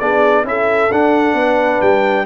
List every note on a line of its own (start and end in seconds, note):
0.00 0.44 B3
0.00 0.45 D4
0.00 0.46 G#4
0.00 0.45 D5
0.44 0.89 C#4
0.44 0.91 E4
0.44 1.38 A4
0.44 0.92 E5
0.92 1.34 D4
0.92 2.26 D4
0.92 1.81 F#5
1.34 1.79 B3
1.34 2.26 B4
1.81 2.26 G3
1.81 2.26 G5